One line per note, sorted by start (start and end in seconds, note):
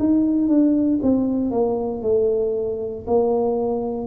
0.00 0.48 D#4
0.48 1.00 D4
1.03 1.51 C4
1.51 2.03 A#3
2.03 3.06 A3
3.07 4.08 A#3